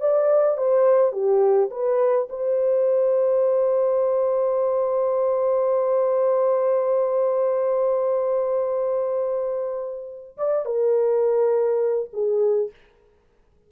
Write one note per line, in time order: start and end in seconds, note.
0.00 0.57 D5
0.57 1.12 C5
1.12 1.69 G4
1.70 2.28 B4
2.29 10.37 C5
10.37 10.65 D5
10.65 12.09 A#4
12.13 12.70 G#4